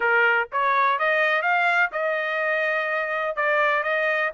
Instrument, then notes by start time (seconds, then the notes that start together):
trumpet
0.00 A#4
0.52 C#5
0.99 D#5
1.42 F5
1.92 D#5
3.36 D5
3.83 D#5